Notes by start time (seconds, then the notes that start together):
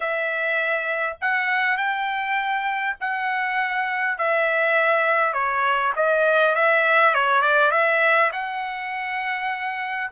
0.00 E5
1.21 F#5
1.77 G5
3.00 F#5
4.17 E5
5.33 C#5
5.96 D#5
6.55 E5
7.14 C#5
7.41 D5
7.71 E5
8.32 F#5